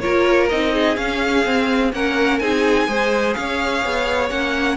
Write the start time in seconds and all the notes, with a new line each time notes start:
0.00 A#3 F4 A#4 C#5
0.49 C4 D#4 D#5
0.73 G#4
0.96 C#4 F5
1.45 C4
1.92 A#3 C#4 A#4 F#5
2.39 C4 D#4 G#4 G#5
2.87 G#3 G#4 C5
3.34 C#4 C#5 F5
3.85 B3
4.30 A#3 C#4 F#5